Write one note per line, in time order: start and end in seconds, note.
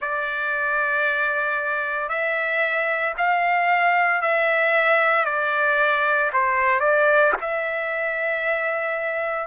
0.01 2.08 D5
2.08 3.13 E5
3.17 4.21 F5
4.21 5.25 E5
5.25 6.30 D5
6.33 6.79 C5
6.79 7.32 D5
7.41 9.47 E5